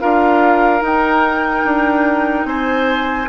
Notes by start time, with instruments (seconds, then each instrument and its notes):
0.00 bassoon D4, clarinet F4, oboe A#4, flute F5
0.80 clarinet D#4, bassoon D#4, flute G5
1.64 bassoon D4
2.45 bassoon C4, oboe C5, flute G#5